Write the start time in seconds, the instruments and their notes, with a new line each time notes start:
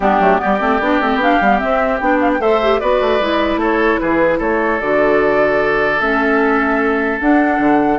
0.00 bassoon G3, clarinet B3, oboe D4, flute G4
0.19 bassoon F#3, clarinet A3
0.37 clarinet B3, oboe G4, flute D5
0.44 bassoon G3
0.60 bassoon A3, clarinet C4
0.80 bassoon B3, clarinet D4
1.00 bassoon A3, clarinet C4
1.15 bassoon B3, clarinet D4
1.21 flute F5
1.41 bassoon G3, clarinet B3
1.59 clarinet C4, bassoon C4, flute E5
2.00 bassoon B3, clarinet D4, flute G5
2.21 flute F5
2.33 flute G5
2.39 bassoon A3, clarinet A4, oboe C5, flute E5
2.62 clarinet G4
2.79 bassoon B3, clarinet F#4, oboe B4, flute D5
3.00 bassoon A3
3.19 bassoon G#3, clarinet E4
3.56 bassoon A3, oboe A4
3.62 flute C#5
3.99 bassoon E3, oboe G#4, flute B4
4.38 bassoon A3, oboe A4, flute C#5
4.80 bassoon D3, clarinet F#4, flute D5
6.00 bassoon A3, clarinet C#4, flute E5
7.20 clarinet D4, bassoon D4, flute F#5
7.58 bassoon D3